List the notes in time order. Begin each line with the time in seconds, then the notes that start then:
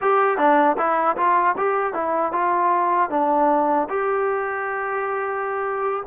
0.01 G4
0.37 D4
0.77 E4
1.17 F4
1.57 G4
1.93 E4
2.32 F4
3.10 D4
3.89 G4